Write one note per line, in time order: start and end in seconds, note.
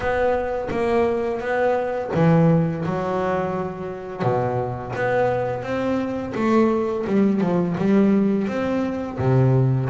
0.00 0.68 B3
0.71 1.40 A#3
1.40 2.10 B3
2.14 2.84 E3
2.85 4.22 F#3
4.22 4.93 B2
4.95 5.62 B3
5.62 6.33 C4
6.34 7.05 A3
7.06 7.41 G3
7.41 7.76 F3
7.77 8.47 G3
8.47 9.18 C4
9.18 9.89 C3